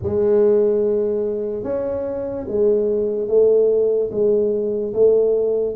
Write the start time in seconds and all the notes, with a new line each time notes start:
0.02 G#3
1.63 C#4
2.48 G#3
3.28 A3
4.11 G#3
4.93 A3